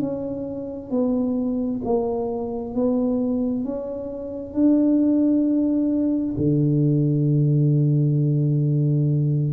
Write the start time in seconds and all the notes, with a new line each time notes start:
0.00 C#4
0.90 B3
1.84 A#3
2.74 B3
3.64 C#4
4.53 D4
6.37 D3